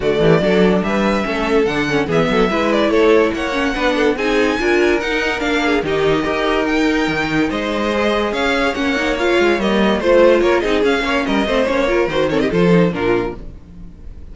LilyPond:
<<
  \new Staff \with { instrumentName = "violin" } { \time 4/4 \tempo 4 = 144 d''2 e''2 | fis''4 e''4. d''8 cis''4 | fis''2 gis''2 | fis''4 f''4 dis''2 |
g''2 dis''2 | f''4 fis''4 f''4 dis''4 | c''4 cis''8 dis''8 f''4 dis''4 | cis''4 c''8 cis''16 dis''16 c''4 ais'4 | }
  \new Staff \with { instrumentName = "violin" } { \time 4/4 fis'8 g'8 a'4 b'4 a'4~ | a'4 gis'8 a'8 b'4 a'4 | cis''4 b'8 a'8 gis'4 ais'4~ | ais'4. gis'8 g'4 ais'4~ |
ais'2 c''2 | cis''1 | c''4 ais'8 gis'4 cis''8 ais'8 c''8~ | c''8 ais'4 a'16 g'16 a'4 f'4 | }
  \new Staff \with { instrumentName = "viola" } { \time 4/4 a4 d'2 cis'4 | d'8 cis'8 b4 e'2~ | e'8 cis'8 d'4 dis'4 f'4 | dis'4 d'4 dis'4 g'4 |
dis'2. gis'4~ | gis'4 cis'8 dis'8 f'4 ais4 | f'4. dis'8 cis'4. c'8 | cis'8 f'8 fis'8 c'8 f'8 dis'8 d'4 | }
  \new Staff \with { instrumentName = "cello" } { \time 4/4 d8 e8 fis4 g4 a4 | d4 e8 fis8 gis4 a4 | ais4 b4 c'4 d'4 | dis'4 ais4 dis4 dis'4~ |
dis'4 dis4 gis2 | cis'4 ais4. gis8 g4 | a4 ais8 c'8 cis'8 ais8 g8 a8 | ais4 dis4 f4 ais,4 | }
>>